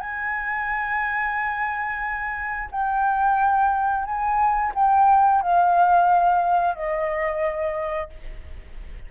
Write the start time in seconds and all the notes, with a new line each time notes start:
0.00 G#5
2.72 G5
4.05 G#5
4.75 G5
5.42 F5
6.75 D#5